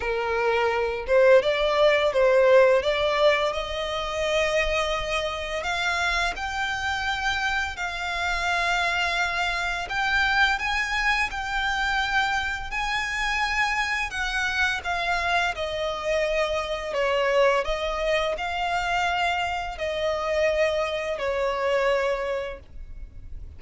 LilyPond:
\new Staff \with { instrumentName = "violin" } { \time 4/4 \tempo 4 = 85 ais'4. c''8 d''4 c''4 | d''4 dis''2. | f''4 g''2 f''4~ | f''2 g''4 gis''4 |
g''2 gis''2 | fis''4 f''4 dis''2 | cis''4 dis''4 f''2 | dis''2 cis''2 | }